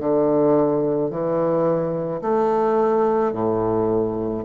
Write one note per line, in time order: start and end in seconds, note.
0.00 1.11 D3
1.11 2.22 E3
2.22 3.33 A3
3.33 4.44 A2